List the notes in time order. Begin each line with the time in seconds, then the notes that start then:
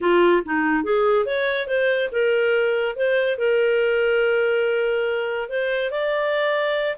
0.01 F4
0.45 D#4
0.83 G#4
1.25 C#5
1.67 C5
2.11 A#4
2.96 C5
3.38 A#4
5.49 C5
5.90 D5